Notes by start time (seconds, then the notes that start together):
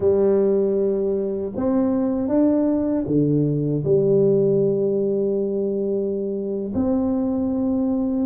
0.00 G3
1.56 C4
2.28 D4
3.06 D3
3.84 G3
6.74 C4